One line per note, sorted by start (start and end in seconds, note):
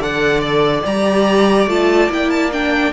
0.00 0.84 D3
0.00 0.85 A4
0.00 2.92 D5
0.00 0.41 F#5
0.41 0.82 D5
0.86 1.67 G3
0.86 1.69 G4
0.86 1.69 A#5
1.67 2.09 A3
1.67 2.10 F4
1.67 2.11 A5
2.10 2.93 A#3
2.10 2.52 E4
2.10 2.31 G5
2.31 2.51 A5
2.52 2.93 D4
2.52 2.93 G5